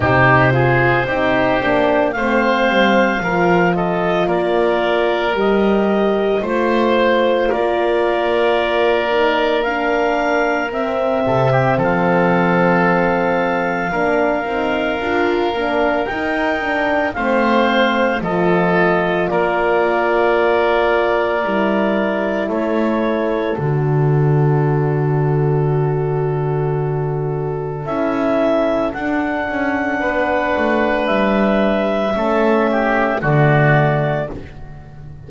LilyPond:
<<
  \new Staff \with { instrumentName = "clarinet" } { \time 4/4 \tempo 4 = 56 c''2 f''4. dis''8 | d''4 dis''4 c''4 d''4~ | d''4 f''4 e''4 f''4~ | f''2. g''4 |
f''4 dis''4 d''2~ | d''4 cis''4 d''2~ | d''2 e''4 fis''4~ | fis''4 e''2 d''4 | }
  \new Staff \with { instrumentName = "oboe" } { \time 4/4 g'8 gis'8 g'4 c''4 ais'8 a'8 | ais'2 c''4 ais'4~ | ais'2~ ais'8 a'16 g'16 a'4~ | a'4 ais'2. |
c''4 a'4 ais'2~ | ais'4 a'2.~ | a'1 | b'2 a'8 g'8 fis'4 | }
  \new Staff \with { instrumentName = "horn" } { \time 4/4 dis'8 f'8 dis'8 d'8 c'4 f'4~ | f'4 g'4 f'2~ | f'8 dis'8 d'4 c'2~ | c'4 d'8 dis'8 f'8 d'8 dis'8 d'8 |
c'4 f'2. | e'2 fis'2~ | fis'2 e'4 d'4~ | d'2 cis'4 a4 | }
  \new Staff \with { instrumentName = "double bass" } { \time 4/4 c4 c'8 ais8 a8 g8 f4 | ais4 g4 a4 ais4~ | ais2 c'8 c8 f4~ | f4 ais8 c'8 d'8 ais8 dis'4 |
a4 f4 ais2 | g4 a4 d2~ | d2 cis'4 d'8 cis'8 | b8 a8 g4 a4 d4 | }
>>